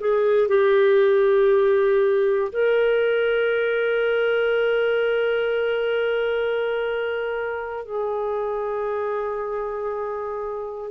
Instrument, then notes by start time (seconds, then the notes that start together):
clarinet
0.00 G#4
0.49 G4
2.52 A#4
7.86 G#4